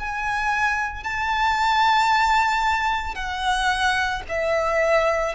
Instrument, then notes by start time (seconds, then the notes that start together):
violin
0.00 G#5
1.04 A5
3.16 F#5
4.29 E5